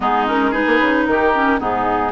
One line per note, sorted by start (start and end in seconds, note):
0.00 0.65 G#3
0.00 0.26 B3
0.00 0.51 D#4
0.00 0.27 G#4
0.26 0.53 C#4
0.26 0.53 A#4
0.51 1.32 D#4
0.51 1.04 G#4
0.51 1.06 B4
0.66 0.79 A#3
0.80 1.07 C#3
1.06 1.60 D#3
1.06 1.60 G4
1.06 1.59 A#4
1.34 1.59 C#4
1.59 2.11 G#2
1.59 2.11 B3
1.59 2.11 D#4
1.59 2.11 G#4